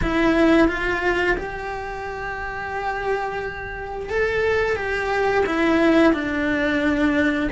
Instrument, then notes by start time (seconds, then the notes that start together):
cello
0.02 E4
0.68 F4
1.37 G4
4.09 A4
4.76 G4
5.46 E4
6.13 D4